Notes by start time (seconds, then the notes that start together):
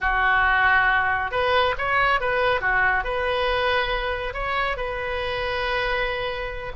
0.00 F#4
1.31 B4
1.77 C#5
2.20 B4
2.60 F#4
3.04 B4
4.33 C#5
4.76 B4